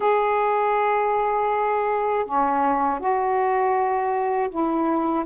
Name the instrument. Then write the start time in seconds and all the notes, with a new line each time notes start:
saxophone
0.00 G#4
2.25 C#4
2.99 F#4
4.50 E4